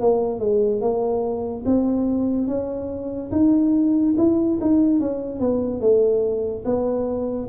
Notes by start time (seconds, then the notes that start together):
0.00 A#3
0.39 G#3
0.81 A#3
1.65 C4
2.47 C#4
3.31 D#4
4.17 E4
4.61 D#4
5.00 C#4
5.39 B3
5.80 A3
6.65 B3